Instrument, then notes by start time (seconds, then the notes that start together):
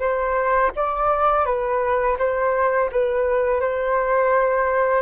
flute
0.00 C5
0.76 D5
1.46 B4
2.19 C5
2.92 B4
3.61 C5